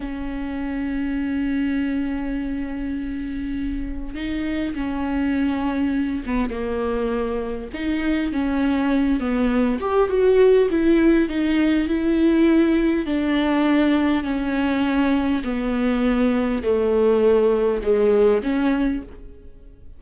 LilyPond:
\new Staff \with { instrumentName = "viola" } { \time 4/4 \tempo 4 = 101 cis'1~ | cis'2. dis'4 | cis'2~ cis'8 b8 ais4~ | ais4 dis'4 cis'4. b8~ |
b8 g'8 fis'4 e'4 dis'4 | e'2 d'2 | cis'2 b2 | a2 gis4 cis'4 | }